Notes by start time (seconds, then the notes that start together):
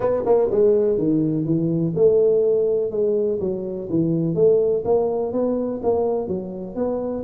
0.00 B3
0.25 A#3
0.50 G#3
0.98 D#3
1.45 E3
1.95 A3
2.90 G#3
3.40 F#3
3.89 E3
4.35 A3
4.85 A#3
5.32 B3
5.83 A#3
6.27 F#3
6.75 B3